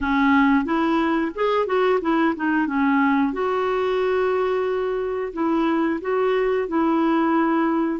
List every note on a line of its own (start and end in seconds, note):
0.00 0.65 C#4
0.65 1.31 E4
1.35 1.66 G#4
1.66 1.99 F#4
2.01 2.34 E4
2.35 2.66 D#4
2.66 3.32 C#4
3.32 5.32 F#4
5.33 6.00 E4
6.01 6.68 F#4
6.68 7.99 E4